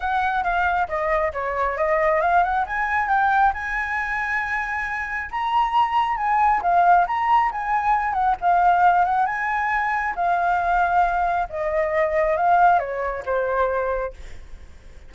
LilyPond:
\new Staff \with { instrumentName = "flute" } { \time 4/4 \tempo 4 = 136 fis''4 f''4 dis''4 cis''4 | dis''4 f''8 fis''8 gis''4 g''4 | gis''1 | ais''2 gis''4 f''4 |
ais''4 gis''4. fis''8 f''4~ | f''8 fis''8 gis''2 f''4~ | f''2 dis''2 | f''4 cis''4 c''2 | }